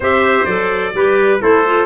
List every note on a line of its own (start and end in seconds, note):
0.00 0.45 C4
0.00 0.47 G4
0.00 0.92 C5
0.00 0.45 E5
0.45 0.93 F#3
0.45 0.94 A4
0.45 1.39 D5
0.93 1.40 G3
0.93 1.40 G4
0.93 1.41 B4
1.40 1.86 A3
1.40 1.63 E4
1.40 1.86 A4
1.40 1.86 C5
1.66 1.86 F4